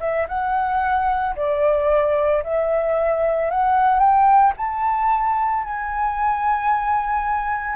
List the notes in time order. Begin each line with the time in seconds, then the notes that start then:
0.00 E5
0.28 F#5
1.36 D5
2.44 E5
3.51 F#5
4.00 G5
4.57 A5
5.63 G#5